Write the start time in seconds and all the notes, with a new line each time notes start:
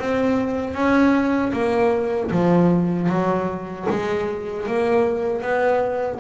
0.00 C4
0.74 C#4
1.53 A#3
2.31 F3
3.09 F#3
3.90 G#3
4.67 A#3
5.42 B3